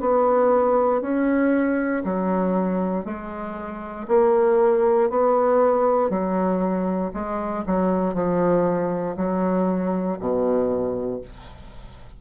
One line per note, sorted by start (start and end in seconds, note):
0.00 1.01 B3
1.01 2.03 C#4
2.04 3.05 F#3
3.05 4.07 G#3
4.08 5.09 A#3
5.09 6.10 B3
6.10 7.11 F#3
7.13 7.64 G#3
7.66 8.14 F#3
8.14 9.16 F3
9.17 10.18 F#3
10.19 11.21 B2